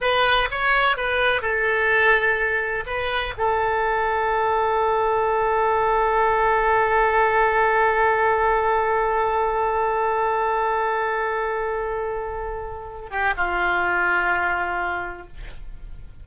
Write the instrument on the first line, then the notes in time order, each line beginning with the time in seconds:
oboe
0.01 B4
0.50 C#5
0.97 B4
1.41 A4
2.86 B4
3.37 A4
13.10 G4
13.36 F4